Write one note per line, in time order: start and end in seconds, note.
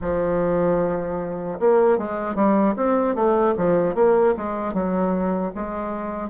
0.01 1.59 F3
1.59 1.97 A#3
1.97 2.35 G#3
2.35 2.74 G3
2.76 3.15 C4
3.15 3.54 A3
3.57 3.94 F3
3.94 4.34 A#3
4.36 4.73 G#3
4.73 5.52 F#3
5.54 6.29 G#3